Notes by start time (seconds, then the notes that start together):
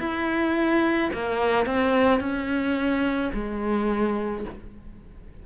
0.00 E4
1.14 A#3
1.67 C4
2.21 C#4
3.34 G#3